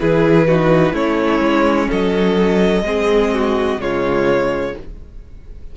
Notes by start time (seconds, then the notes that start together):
0.00 E3 E4 G#4 B4
0.47 D#4 F#4
0.92 A3 C#4 E4 C#5
1.40 G#3
1.89 F#3 A4 D#5
2.82 G#3 C4 G#4
3.34 F#4
3.78 C#3 G#3 F4 C#5